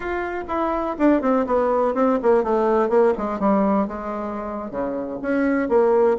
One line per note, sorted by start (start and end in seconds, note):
0.00 0.44 F4
0.48 0.96 E4
0.98 1.21 D4
1.21 1.45 C4
1.46 1.94 B3
1.94 2.18 C4
2.22 2.43 A#3
2.43 2.89 A3
2.89 3.13 A#3
3.17 3.39 G#3
3.39 3.87 G3
3.87 4.70 G#3
4.70 5.19 C#3
5.21 5.68 C#4
5.68 6.17 A#3